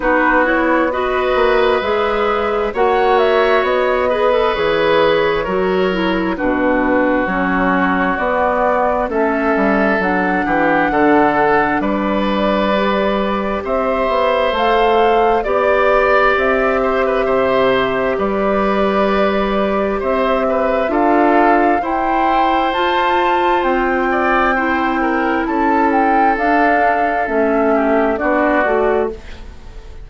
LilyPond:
<<
  \new Staff \with { instrumentName = "flute" } { \time 4/4 \tempo 4 = 66 b'8 cis''8 dis''4 e''4 fis''8 e''8 | dis''4 cis''2 b'4 | cis''4 d''4 e''4 fis''4~ | fis''4 d''2 e''4 |
f''4 d''4 e''2 | d''2 e''4 f''4 | g''4 a''4 g''2 | a''8 g''8 f''4 e''4 d''4 | }
  \new Staff \with { instrumentName = "oboe" } { \time 4/4 fis'4 b'2 cis''4~ | cis''8 b'4. ais'4 fis'4~ | fis'2 a'4. g'8 | a'4 b'2 c''4~ |
c''4 d''4. c''16 b'16 c''4 | b'2 c''8 b'8 a'4 | c''2~ c''8 d''8 c''8 ais'8 | a'2~ a'8 g'8 fis'4 | }
  \new Staff \with { instrumentName = "clarinet" } { \time 4/4 dis'8 e'8 fis'4 gis'4 fis'4~ | fis'8 gis'16 a'16 gis'4 fis'8 e'8 d'4 | cis'4 b4 cis'4 d'4~ | d'2 g'2 |
a'4 g'2.~ | g'2. f'4 | e'4 f'2 e'4~ | e'4 d'4 cis'4 d'8 fis'8 | }
  \new Staff \with { instrumentName = "bassoon" } { \time 4/4 b4. ais8 gis4 ais4 | b4 e4 fis4 b,4 | fis4 b4 a8 g8 fis8 e8 | d4 g2 c'8 b8 |
a4 b4 c'4 c4 | g2 c'4 d'4 | e'4 f'4 c'2 | cis'4 d'4 a4 b8 a8 | }
>>